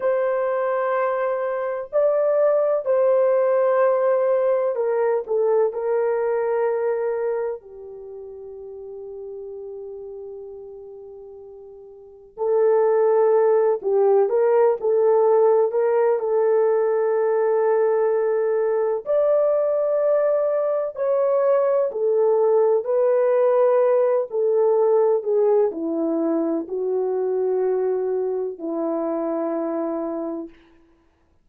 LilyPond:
\new Staff \with { instrumentName = "horn" } { \time 4/4 \tempo 4 = 63 c''2 d''4 c''4~ | c''4 ais'8 a'8 ais'2 | g'1~ | g'4 a'4. g'8 ais'8 a'8~ |
a'8 ais'8 a'2. | d''2 cis''4 a'4 | b'4. a'4 gis'8 e'4 | fis'2 e'2 | }